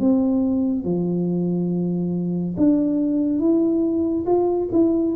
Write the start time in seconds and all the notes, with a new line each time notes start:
0.00 C4
0.85 F3
2.58 D4
3.40 E4
4.27 F4
4.73 E4